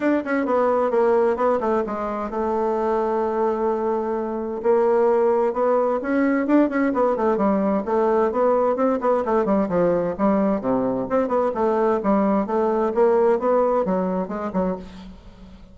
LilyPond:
\new Staff \with { instrumentName = "bassoon" } { \time 4/4 \tempo 4 = 130 d'8 cis'8 b4 ais4 b8 a8 | gis4 a2.~ | a2 ais2 | b4 cis'4 d'8 cis'8 b8 a8 |
g4 a4 b4 c'8 b8 | a8 g8 f4 g4 c4 | c'8 b8 a4 g4 a4 | ais4 b4 fis4 gis8 fis8 | }